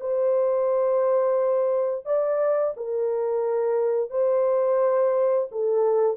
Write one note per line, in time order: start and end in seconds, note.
0.00 2.05 C5
2.05 2.74 D5
2.76 4.10 A#4
4.10 5.48 C5
5.51 6.17 A4